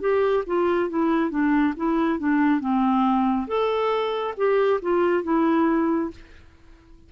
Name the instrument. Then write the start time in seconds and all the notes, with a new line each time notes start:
clarinet
0.00 G4
0.46 F4
0.89 E4
1.30 D4
1.77 E4
2.19 D4
2.60 C4
3.47 A4
4.37 G4
4.82 F4
5.23 E4